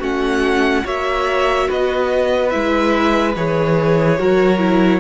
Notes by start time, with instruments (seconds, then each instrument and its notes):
0.00 cello A3, viola C#4, violin F#4 F#5
0.84 cello A#3, viola F#4, violin C#5 E5
1.69 cello B3, violin B4 D#5
2.50 cello G#3, viola E4, violin E5
3.36 cello E3, viola G#4, violin C#5
4.19 cello F#3, viola F#4, violin A#4
4.59 viola E4